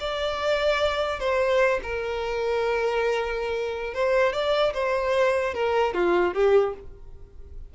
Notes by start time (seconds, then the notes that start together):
0.00 D5
1.20 C5
1.82 A#4
3.94 C5
4.33 D5
4.74 C5
5.54 A#4
5.94 F4
6.34 G4